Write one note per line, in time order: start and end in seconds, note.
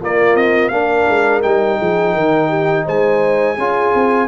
0.00 0.35 A#3
0.00 0.70 A#3
0.00 0.71 F4
0.00 0.36 D5
0.35 0.71 C4
0.35 0.68 D#5
0.68 1.07 A#3
0.68 1.42 D4
0.68 1.79 A#4
0.68 1.40 F5
1.08 1.43 G#3
1.42 1.80 G3
1.42 3.56 D#4
1.42 2.85 G5
1.79 2.15 F3
1.79 2.14 G#4
2.14 2.86 D#3
2.14 2.48 A#4
2.48 2.84 G4
2.85 3.57 G#3
2.85 3.56 C5
2.85 4.27 G#5
3.57 3.93 C#4
3.57 4.27 F4
3.57 4.27 G#4
3.94 4.27 C4